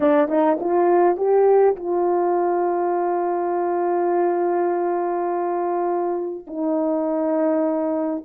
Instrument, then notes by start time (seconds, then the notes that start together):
horn
0.00 D4
0.28 D#4
0.60 F4
1.16 G4
1.75 F4
6.47 D#4